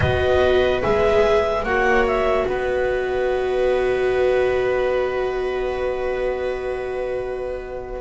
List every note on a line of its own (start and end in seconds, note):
0.00 0.82 B3
0.00 0.82 F#4
0.00 1.64 B4
0.00 0.82 D#5
0.82 1.63 G#3
0.82 1.64 G#4
0.82 1.64 E5
1.63 2.45 A#3
1.63 8.00 F#4
1.63 2.46 C#5
1.63 2.05 F#5
2.07 2.47 E5
2.46 8.00 B3
2.46 8.00 B4
2.46 8.00 D#5